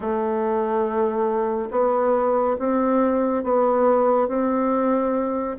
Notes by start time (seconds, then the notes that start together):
0.00 A3
1.71 B3
2.59 C4
3.43 B3
4.28 C4